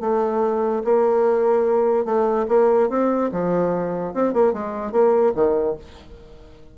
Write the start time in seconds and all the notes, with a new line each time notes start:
0.00 A3
0.84 A#3
2.05 A3
2.48 A#3
2.89 C4
3.32 F3
4.13 C4
4.33 A#3
4.53 G#3
4.92 A#3
5.34 D#3